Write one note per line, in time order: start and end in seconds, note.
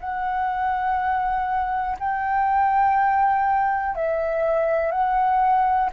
0.00 1.97 F#5
1.99 3.95 G5
3.95 4.91 E5
4.91 5.90 F#5